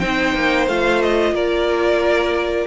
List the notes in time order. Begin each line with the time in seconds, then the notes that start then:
0.00 C4 D#4 C5 G5
0.35 A#3
0.67 A3 F4 F5
1.02 D#5
1.32 A#3 A#4 D5